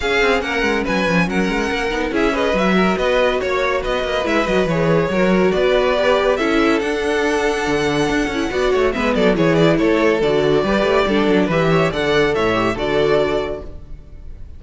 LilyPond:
<<
  \new Staff \with { instrumentName = "violin" } { \time 4/4 \tempo 4 = 141 f''4 fis''4 gis''4 fis''4~ | fis''4 e''8 dis''8 e''4 dis''4 | cis''4 dis''4 e''8 dis''8 cis''4~ | cis''4 d''2 e''4 |
fis''1~ | fis''4 e''8 d''8 cis''8 d''8 cis''4 | d''2. e''4 | fis''4 e''4 d''2 | }
  \new Staff \with { instrumentName = "violin" } { \time 4/4 gis'4 ais'4 b'4 ais'4~ | ais'4 gis'8 b'4 ais'8 b'4 | cis''4 b'2. | ais'4 b'2 a'4~ |
a'1 | d''8 cis''8 b'8 a'8 gis'4 a'4~ | a'4 b'4 a'4 b'8 cis''8 | d''4 cis''4 a'2 | }
  \new Staff \with { instrumentName = "viola" } { \time 4/4 cis'1~ | cis'8 dis'8 e'8 gis'8 fis'2~ | fis'2 e'8 fis'8 gis'4 | fis'2 g'4 e'4 |
d'2.~ d'8 e'8 | fis'4 b4 e'2 | fis'4 g'4 d'4 g'4 | a'4. g'8 fis'2 | }
  \new Staff \with { instrumentName = "cello" } { \time 4/4 cis'8 c'8 ais8 gis8 fis8 f8 fis8 gis8 | ais8 b8 cis'4 fis4 b4 | ais4 b8 ais8 gis8 fis8 e4 | fis4 b2 cis'4 |
d'2 d4 d'8 cis'8 | b8 a8 gis8 fis8 e4 a4 | d4 g8 a8 g8 fis8 e4 | d4 a,4 d2 | }
>>